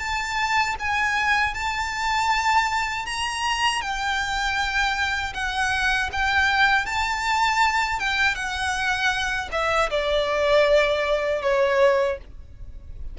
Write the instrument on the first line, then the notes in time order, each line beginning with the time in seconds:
violin
0.00 A5
0.80 G#5
1.55 A5
3.06 A#5
3.82 G5
5.34 F#5
6.13 G5
6.86 A5
8.00 G5
8.36 F#5
9.52 E5
9.90 D5
11.42 C#5